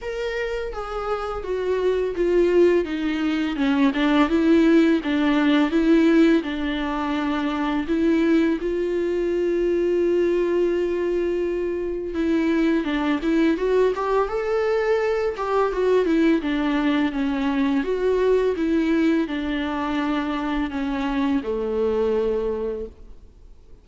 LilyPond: \new Staff \with { instrumentName = "viola" } { \time 4/4 \tempo 4 = 84 ais'4 gis'4 fis'4 f'4 | dis'4 cis'8 d'8 e'4 d'4 | e'4 d'2 e'4 | f'1~ |
f'4 e'4 d'8 e'8 fis'8 g'8 | a'4. g'8 fis'8 e'8 d'4 | cis'4 fis'4 e'4 d'4~ | d'4 cis'4 a2 | }